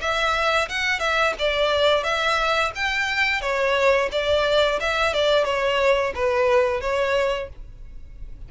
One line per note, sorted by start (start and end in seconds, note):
0.00 0.68 E5
0.68 0.99 F#5
0.99 1.34 E5
1.39 2.03 D5
2.03 2.71 E5
2.75 3.41 G5
3.41 4.09 C#5
4.11 4.79 D5
4.80 5.13 E5
5.13 5.44 D5
5.44 6.12 C#5
6.15 6.81 B4
6.81 7.49 C#5